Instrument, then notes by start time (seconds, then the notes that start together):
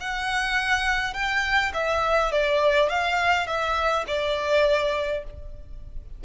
violin
0.00 F#5
1.14 G5
1.73 E5
2.32 D5
2.89 F5
3.47 E5
4.07 D5